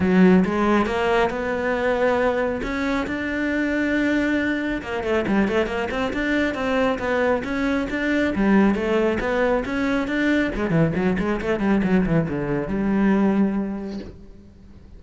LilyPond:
\new Staff \with { instrumentName = "cello" } { \time 4/4 \tempo 4 = 137 fis4 gis4 ais4 b4~ | b2 cis'4 d'4~ | d'2. ais8 a8 | g8 a8 ais8 c'8 d'4 c'4 |
b4 cis'4 d'4 g4 | a4 b4 cis'4 d'4 | gis8 e8 fis8 gis8 a8 g8 fis8 e8 | d4 g2. | }